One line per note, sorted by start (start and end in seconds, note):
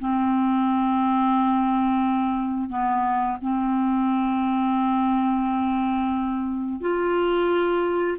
0.00 2.70 C4
2.70 3.38 B3
3.42 6.81 C4
6.81 8.18 F4